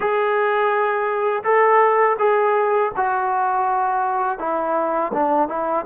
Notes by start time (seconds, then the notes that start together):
0.00 G#4
1.43 A4
2.19 G#4
2.96 F#4
4.38 E4
5.13 D4
5.48 E4